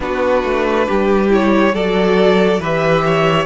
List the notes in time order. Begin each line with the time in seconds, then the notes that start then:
0.00 B3 D4 F#4 B4
0.43 A3
0.87 G3 G4
1.29 E4 C#5
1.72 F#3 F#4 A4 D5
2.59 E3 G4 B4 E5
3.06 C#5